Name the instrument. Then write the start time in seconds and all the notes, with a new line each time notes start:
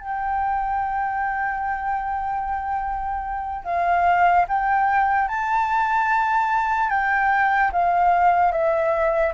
flute
0.00 G5
3.65 F5
4.48 G5
5.28 A5
6.90 G5
7.72 F5
8.52 E5